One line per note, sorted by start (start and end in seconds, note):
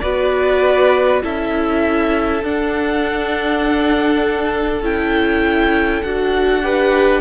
0.00 1.23 B3
0.00 1.22 F#4
0.00 1.23 B4
0.00 1.20 D5
1.22 2.43 C#4
1.22 2.42 E4
1.22 6.63 A4
1.22 2.44 E5
2.43 4.82 D4
2.43 4.83 D4
2.43 4.84 F#5
4.82 6.02 C#4
4.82 6.03 E4
4.82 6.03 G5
6.03 7.21 D4
6.03 6.62 F#4
6.03 7.21 F#5
6.62 7.21 G4
6.62 7.21 B4